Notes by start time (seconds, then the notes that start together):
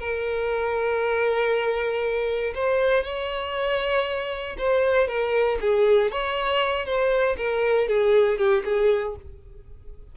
0.00 A#4
2.55 C5
3.04 C#5
4.58 C5
5.08 A#4
5.61 G#4
6.12 C#5
6.86 C5
7.38 A#4
7.89 G#4
8.38 G4
8.65 G#4